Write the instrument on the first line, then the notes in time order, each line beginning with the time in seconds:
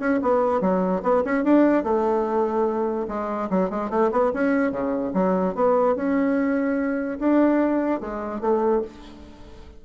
bassoon
0.00 C#4
0.22 B3
0.61 F#3
1.03 B3
1.25 C#4
1.44 D4
1.84 A3
3.08 G#3
3.50 F#3
3.70 G#3
3.90 A3
4.12 B3
4.34 C#4
4.72 C#3
5.14 F#3
5.55 B3
5.96 C#4
7.20 D4
8.01 G#3
8.41 A3